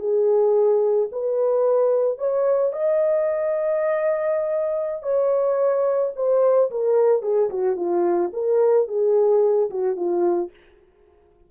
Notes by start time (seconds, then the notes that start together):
0.00 G#4
1.12 B4
2.18 C#5
2.73 D#5
5.03 C#5
6.16 C5
6.71 A#4
7.22 G#4
7.50 F#4
7.77 F4
8.34 A#4
8.88 G#4
9.70 F#4
9.96 F4